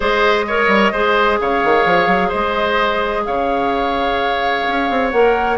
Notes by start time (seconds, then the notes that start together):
0.00 G#3 G#4 C5 D#5
0.47 A#4 C#5
0.67 G3
0.92 G#3 G#4 C5
1.40 C#3 C#5 F5
1.63 D#3
1.85 F3
2.06 F#3
2.28 G#3 C5 D#5
3.24 C#3 C#5 F5
4.67 C#4
4.90 C4
5.10 A#3 A#4 F#5